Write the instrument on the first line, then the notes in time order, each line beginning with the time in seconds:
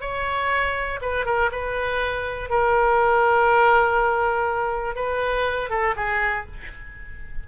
oboe
0.00 C#5
1.01 B4
1.25 A#4
1.51 B4
2.49 A#4
4.95 B4
5.70 A4
5.96 G#4